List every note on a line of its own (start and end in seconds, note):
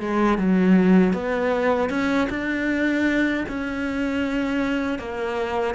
0.00 0.38 G#3
0.38 1.13 F#3
1.13 1.90 B3
1.90 2.28 C#4
2.30 3.45 D4
3.49 4.99 C#4
4.99 5.75 A#3